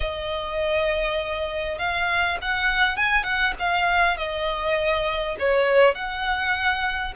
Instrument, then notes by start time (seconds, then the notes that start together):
violin
0.00 D#5
1.78 F5
2.41 F#5
2.96 G#5
3.23 F#5
3.59 F5
4.17 D#5
5.39 C#5
5.94 F#5